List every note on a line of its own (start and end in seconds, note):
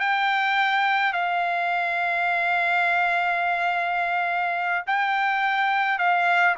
0.00 1.13 G5
1.13 4.84 F5
4.86 5.98 G5
5.98 6.56 F5